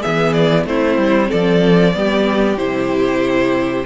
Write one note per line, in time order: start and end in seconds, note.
0.00 0.66 E3
0.00 0.65 B3
0.00 0.64 G#4
0.00 0.33 E5
0.33 0.64 D5
0.65 0.97 A3
0.65 1.93 C4
0.65 1.29 E4
0.65 1.31 C5
0.97 1.29 G3
1.29 1.95 F3
1.29 1.93 A4
1.29 2.58 D5
1.93 2.57 G3
1.93 2.57 B3
1.93 3.85 G4
2.57 3.85 C3
2.57 3.85 E4
2.57 3.85 C5